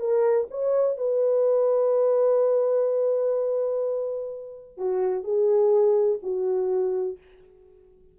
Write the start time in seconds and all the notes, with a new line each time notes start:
0.00 A#4
0.51 C#5
0.98 B4
4.77 F#4
5.24 G#4
6.23 F#4